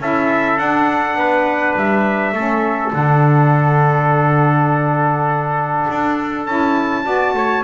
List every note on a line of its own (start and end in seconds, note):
0.00 0.57 C#4
0.00 0.58 E4
0.00 1.18 A4
0.00 0.59 E5
0.57 1.15 D4
0.57 2.34 D4
0.57 1.76 F#5
1.15 1.74 B3
1.15 2.34 B4
1.75 2.33 G3
1.75 2.93 E5
2.33 2.92 A3
2.33 2.93 C#4
2.33 7.05 A4
2.93 5.87 D3
2.93 6.46 D4
2.93 6.46 F#5
5.90 6.47 D4
6.46 7.06 C#4
6.46 7.04 E4
6.46 7.63 A5
7.04 7.34 B3
7.04 7.63 F#4
7.04 7.35 D5
7.34 7.63 A3
7.34 7.64 C#5